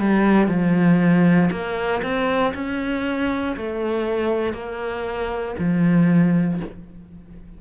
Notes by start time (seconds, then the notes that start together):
0.00 G3
0.49 F3
1.52 A#3
2.03 C4
2.55 C#4
3.57 A3
4.54 A#3
5.59 F3